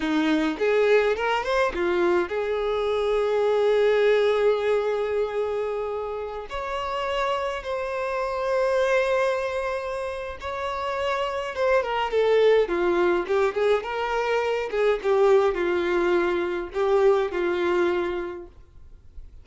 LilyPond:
\new Staff \with { instrumentName = "violin" } { \time 4/4 \tempo 4 = 104 dis'4 gis'4 ais'8 c''8 f'4 | gis'1~ | gis'2.~ gis'16 cis''8.~ | cis''4~ cis''16 c''2~ c''8.~ |
c''2 cis''2 | c''8 ais'8 a'4 f'4 g'8 gis'8 | ais'4. gis'8 g'4 f'4~ | f'4 g'4 f'2 | }